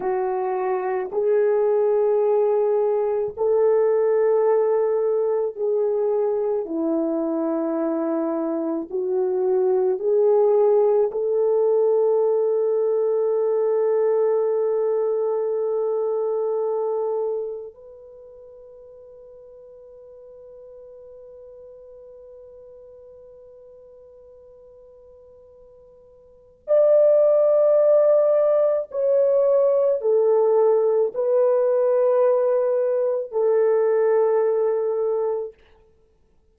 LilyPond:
\new Staff \with { instrumentName = "horn" } { \time 4/4 \tempo 4 = 54 fis'4 gis'2 a'4~ | a'4 gis'4 e'2 | fis'4 gis'4 a'2~ | a'1 |
b'1~ | b'1 | d''2 cis''4 a'4 | b'2 a'2 | }